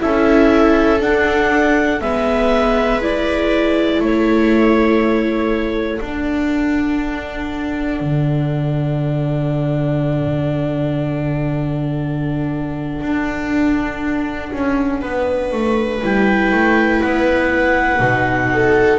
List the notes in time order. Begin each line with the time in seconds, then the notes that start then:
0.00 C#4 E4 A4 E5
0.99 D4 F#5
2.01 G#3 B3 B4 E5
3.01 E4 D5
3.99 A3 A4 C#5
6.00 D4 F#5
8.00 D3
13.01 D4
14.52 C#4
15.01 B3 B4
15.52 A3
16.02 G3 E4 G5
16.51 A3
17.01 B3 F#5
18.00 B2 D#4
18.53 A4